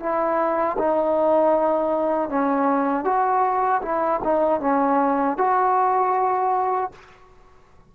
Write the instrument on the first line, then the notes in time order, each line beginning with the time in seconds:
trombone
0.00 E4
0.79 D#4
2.29 C#4
3.05 F#4
3.83 E4
4.24 D#4
4.61 C#4
5.38 F#4